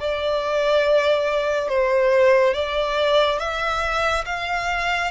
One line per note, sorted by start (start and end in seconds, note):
0.00 1.69 D5
1.69 2.54 C5
2.54 3.39 D5
3.39 4.25 E5
4.26 5.12 F5